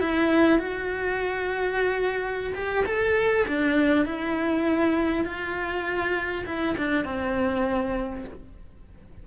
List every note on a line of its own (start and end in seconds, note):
0.00 0.59 E4
0.59 2.54 F#4
2.54 2.84 G4
2.86 3.46 A4
3.47 4.05 D4
4.05 5.25 E4
5.25 6.45 F4
6.46 6.76 E4
6.77 7.04 D4
7.04 8.24 C4